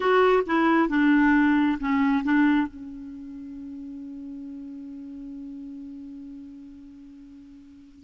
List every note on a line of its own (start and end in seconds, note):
0.00 0.43 F#4
0.46 0.88 E4
0.88 1.78 D4
1.80 2.24 C#4
2.24 2.67 D4
2.67 8.04 C#4